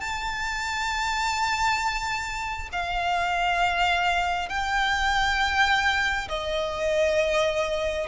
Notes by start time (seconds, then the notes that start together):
0.00 A5
2.72 F5
4.49 G5
6.28 D#5